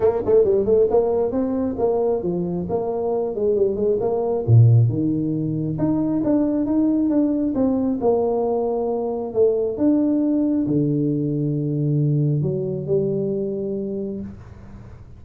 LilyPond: \new Staff \with { instrumentName = "tuba" } { \time 4/4 \tempo 4 = 135 ais8 a8 g8 a8 ais4 c'4 | ais4 f4 ais4. gis8 | g8 gis8 ais4 ais,4 dis4~ | dis4 dis'4 d'4 dis'4 |
d'4 c'4 ais2~ | ais4 a4 d'2 | d1 | fis4 g2. | }